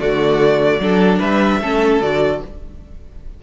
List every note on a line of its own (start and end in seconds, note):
0.00 0.79 D3
0.00 0.81 A3
0.00 0.81 F#4
0.00 1.21 D5
0.79 1.20 F#3
0.79 1.62 D4
0.79 1.19 A4
1.19 1.61 G3
1.19 1.59 B4
1.19 2.01 E5
1.61 2.01 A3
1.61 2.02 C#4
1.61 2.42 A4
2.02 2.42 D3
2.02 2.43 F#4
2.02 2.42 D5